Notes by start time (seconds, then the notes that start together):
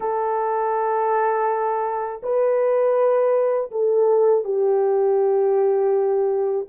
0.00 A4
2.22 B4
3.71 A4
4.44 G4